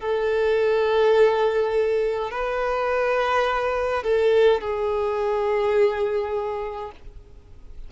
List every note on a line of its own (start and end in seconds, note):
0.00 2.31 A4
2.31 4.03 B4
4.03 4.61 A4
4.61 6.92 G#4